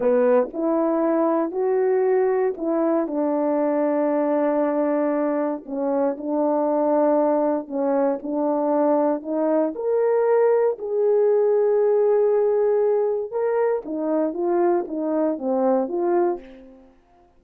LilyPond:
\new Staff \with { instrumentName = "horn" } { \time 4/4 \tempo 4 = 117 b4 e'2 fis'4~ | fis'4 e'4 d'2~ | d'2. cis'4 | d'2. cis'4 |
d'2 dis'4 ais'4~ | ais'4 gis'2.~ | gis'2 ais'4 dis'4 | f'4 dis'4 c'4 f'4 | }